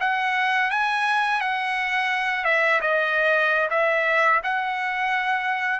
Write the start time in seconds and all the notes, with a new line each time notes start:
0.00 F#5
0.70 G#5
1.41 F#5
2.44 E5
2.81 D#5
3.70 E5
4.43 F#5